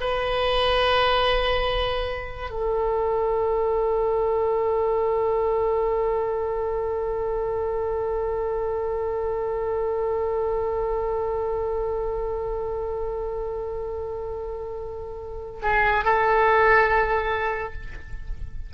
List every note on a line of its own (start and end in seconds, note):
0.00 2.50 B4
2.50 15.60 A4
15.62 16.04 G#4
16.04 17.73 A4